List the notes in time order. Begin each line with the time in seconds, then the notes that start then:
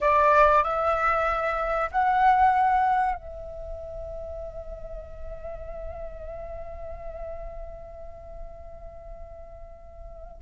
0.01 D5
0.63 E5
1.91 F#5
3.16 E5